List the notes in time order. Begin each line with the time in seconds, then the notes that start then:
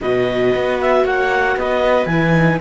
0.01 B2 F#4 B4 D#5
0.54 B3
0.80 E5
1.04 A#3 C#5 F#5
1.56 B3 B4 D#5
2.06 E3 E4 G#5
2.32 D#4